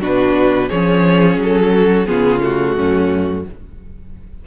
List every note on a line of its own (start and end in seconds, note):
0.00 0.69 B2
0.00 0.69 D4
0.00 0.68 F#4
0.00 0.69 B4
0.68 1.37 F3
0.68 2.06 C#4
0.68 1.72 G#4
0.68 1.38 C#5
1.37 2.06 F#3
1.37 2.06 A4
1.74 2.08 F#4
2.06 2.76 C#3
2.06 2.40 B3
2.06 2.76 F4
2.06 2.41 G#4
2.40 3.43 A3
2.40 3.46 F#4
2.76 3.45 F#2
2.76 3.45 C#4